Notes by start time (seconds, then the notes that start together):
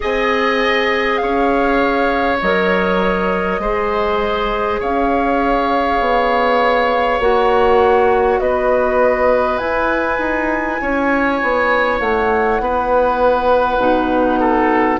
0.00 C4 G#4 D#5 G#5
1.17 C#4 C#5 F5
2.40 F#3 A#4 D#5
3.58 G#3 G#4 C5
4.79 C#4 C#5 F5
5.99 B3
7.19 A#3 F#4 F#5
8.39 B3 B4 D#5
9.58 E4 G#5
10.18 D#4
10.81 C#4 C#5
11.42 B3
12.00 A3 F#5
12.60 B3 B4
13.78 B2 D#4
14.39 A4